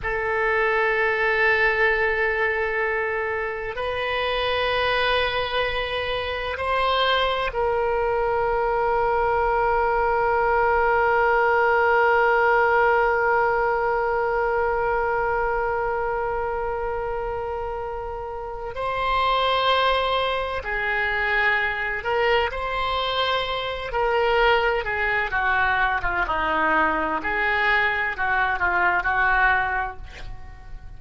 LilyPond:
\new Staff \with { instrumentName = "oboe" } { \time 4/4 \tempo 4 = 64 a'1 | b'2. c''4 | ais'1~ | ais'1~ |
ais'1 | c''2 gis'4. ais'8 | c''4. ais'4 gis'8 fis'8. f'16 | dis'4 gis'4 fis'8 f'8 fis'4 | }